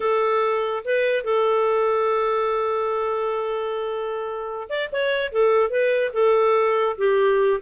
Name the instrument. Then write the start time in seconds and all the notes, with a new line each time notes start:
clarinet
0.00 A4
0.84 B4
1.24 A4
4.69 D5
4.91 C#5
5.31 A4
5.70 B4
6.13 A4
6.97 G4